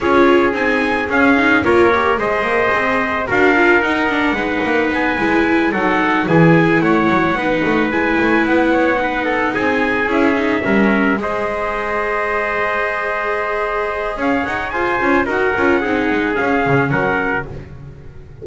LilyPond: <<
  \new Staff \with { instrumentName = "trumpet" } { \time 4/4 \tempo 4 = 110 cis''4 gis''4 f''4 cis''4 | dis''2 f''4 fis''4~ | fis''4 gis''4. fis''4 gis''8~ | gis''8 fis''2 gis''4 fis''8~ |
fis''4. gis''4 e''4.~ | e''8 dis''2.~ dis''8~ | dis''2 f''8 fis''8 gis''4 | fis''2 f''4 fis''4 | }
  \new Staff \with { instrumentName = "trumpet" } { \time 4/4 gis'2. ais'4 | c''2 ais'2 | b'2~ b'8 a'4 gis'8~ | gis'8 cis''4 b'2~ b'8 |
cis''8 b'8 a'8 gis'2 ais'8~ | ais'8 c''2.~ c''8~ | c''2 cis''4 c''4 | ais'4 gis'2 ais'4 | }
  \new Staff \with { instrumentName = "viola" } { \time 4/4 f'4 dis'4 cis'8 dis'8 f'8 g'8 | gis'2 fis'8 f'8 dis'8 d'8 | dis'4. e'4 dis'4 e'8~ | e'4. dis'4 e'4.~ |
e'8 dis'2 e'8 dis'8 cis'8~ | cis'8 gis'2.~ gis'8~ | gis'2.~ gis'8 f'8 | fis'8 f'8 dis'4 cis'2 | }
  \new Staff \with { instrumentName = "double bass" } { \time 4/4 cis'4 c'4 cis'4 ais4 | gis8 ais8 c'4 d'4 dis'4 | gis8 ais8 b8 gis4 fis4 e8~ | e8 a8 fis8 b8 a8 gis8 a8 b8~ |
b4. c'4 cis'4 g8~ | g8 gis2.~ gis8~ | gis2 cis'8 dis'8 f'8 cis'8 | dis'8 cis'8 c'8 gis8 cis'8 cis8 fis4 | }
>>